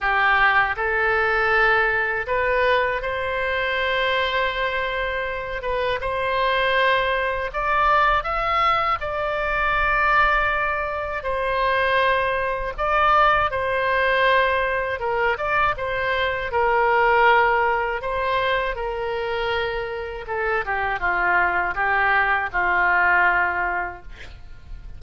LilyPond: \new Staff \with { instrumentName = "oboe" } { \time 4/4 \tempo 4 = 80 g'4 a'2 b'4 | c''2.~ c''8 b'8 | c''2 d''4 e''4 | d''2. c''4~ |
c''4 d''4 c''2 | ais'8 d''8 c''4 ais'2 | c''4 ais'2 a'8 g'8 | f'4 g'4 f'2 | }